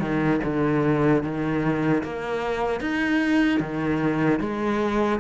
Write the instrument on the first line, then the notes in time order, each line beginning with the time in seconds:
cello
0.00 D#3
0.44 D3
1.23 D#3
2.03 A#3
2.81 D#4
3.60 D#3
4.40 G#3